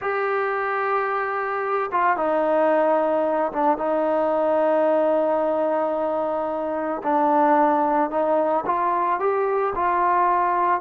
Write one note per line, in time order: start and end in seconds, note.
0.01 1.90 G4
1.91 2.16 F4
2.16 3.52 D#4
3.52 3.77 D4
3.77 7.01 D#4
7.03 8.10 D4
8.10 8.64 D#4
8.66 9.19 F4
9.19 9.73 G4
9.75 10.80 F4